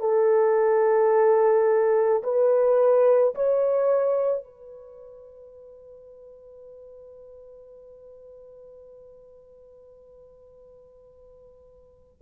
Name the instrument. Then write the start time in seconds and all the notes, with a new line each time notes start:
horn
0.00 A4
2.23 B4
3.34 C#5
4.44 B4